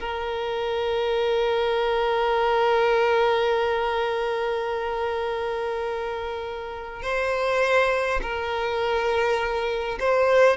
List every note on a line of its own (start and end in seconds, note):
0.00 7.03 A#4
7.03 8.20 C5
8.22 9.99 A#4
10.00 10.57 C5